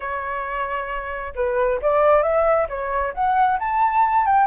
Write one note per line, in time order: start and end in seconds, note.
0.00 1.34 C#5
1.35 1.80 B4
1.81 2.22 D5
2.22 2.67 E5
2.68 3.13 C#5
3.14 3.58 F#5
3.59 4.26 A5
4.26 4.47 G5